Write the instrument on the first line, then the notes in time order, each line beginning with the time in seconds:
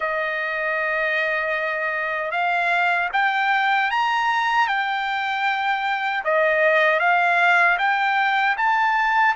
trumpet
0.00 D#5
2.31 F5
3.12 G5
3.90 A#5
4.67 G5
6.24 D#5
6.99 F5
7.78 G5
8.57 A5